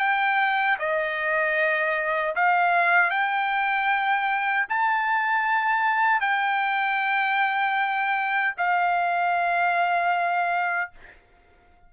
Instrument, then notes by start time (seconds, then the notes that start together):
trumpet
0.00 G5
0.79 D#5
2.36 F5
3.11 G5
4.69 A5
6.21 G5
8.57 F5